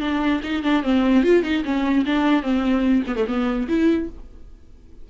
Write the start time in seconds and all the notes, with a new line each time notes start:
0.00 D4
0.43 D#4
0.63 D4
0.83 C4
1.23 F4
1.43 D#4
1.64 C#4
2.05 D4
2.42 C4
3.07 B3
3.15 A3
3.27 B3
3.68 E4